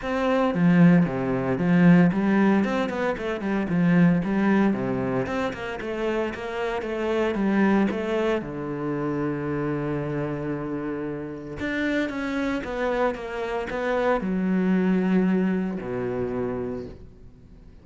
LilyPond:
\new Staff \with { instrumentName = "cello" } { \time 4/4 \tempo 4 = 114 c'4 f4 c4 f4 | g4 c'8 b8 a8 g8 f4 | g4 c4 c'8 ais8 a4 | ais4 a4 g4 a4 |
d1~ | d2 d'4 cis'4 | b4 ais4 b4 fis4~ | fis2 b,2 | }